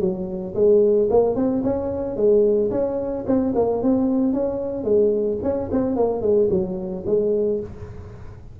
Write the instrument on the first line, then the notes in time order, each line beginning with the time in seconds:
tuba
0.00 F#3
0.55 G#3
1.10 A#3
1.36 C4
1.63 C#4
2.16 G#3
2.71 C#4
3.27 C4
3.55 A#3
3.82 C4
4.33 C#4
4.84 G#3
5.43 C#4
5.71 C4
5.96 A#3
6.21 G#3
6.50 F#3
7.06 G#3